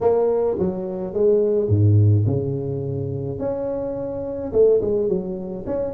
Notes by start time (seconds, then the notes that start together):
0.00 A#3
0.58 F#3
1.13 G#3
1.68 G#2
2.26 C#3
3.38 C#4
4.52 A3
4.81 G#3
5.08 F#3
5.66 C#4